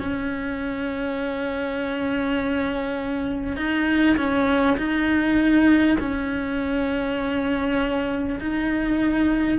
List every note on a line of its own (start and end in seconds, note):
0.00 3.57 C#4
3.57 4.17 D#4
4.17 4.77 C#4
4.78 5.98 D#4
6.00 8.40 C#4
8.41 9.59 D#4